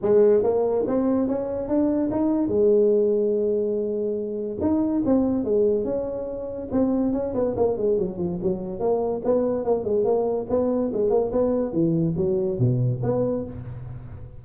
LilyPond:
\new Staff \with { instrumentName = "tuba" } { \time 4/4 \tempo 4 = 143 gis4 ais4 c'4 cis'4 | d'4 dis'4 gis2~ | gis2. dis'4 | c'4 gis4 cis'2 |
c'4 cis'8 b8 ais8 gis8 fis8 f8 | fis4 ais4 b4 ais8 gis8 | ais4 b4 gis8 ais8 b4 | e4 fis4 b,4 b4 | }